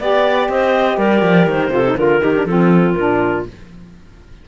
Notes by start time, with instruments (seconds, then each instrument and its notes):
0.00 cello B3, saxophone G4, clarinet D5
0.49 cello C4, clarinet C5 D#5
0.98 cello G3, clarinet A#4 D5
1.23 cello F3
1.47 cello D#3, clarinet C5
1.70 cello C3, saxophone F4, clarinet A4
1.86 saxophone D#4
1.97 cello D3, saxophone F4, clarinet A#4
2.21 cello D#3, saxophone D#4, clarinet G4
2.34 saxophone D4
2.46 cello F3, saxophone C4, clarinet F4 A4
2.93 cello A#2, saxophone D4, clarinet A#4